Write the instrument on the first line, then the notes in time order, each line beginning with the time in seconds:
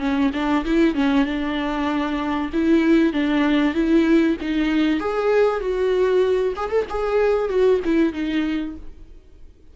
viola
0.00 C#4
0.34 D4
0.65 E4
0.95 C#4
1.26 D4
2.54 E4
3.13 D4
3.75 E4
4.41 D#4
5.00 G#4
5.61 F#4
6.57 G#4
6.70 A4
6.90 G#4
7.49 F#4
7.85 E4
8.14 D#4